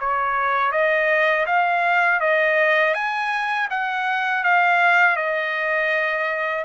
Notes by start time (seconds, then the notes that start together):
0.00 C#5
0.72 D#5
1.46 F5
2.21 D#5
2.95 G#5
3.70 F#5
4.44 F5
5.16 D#5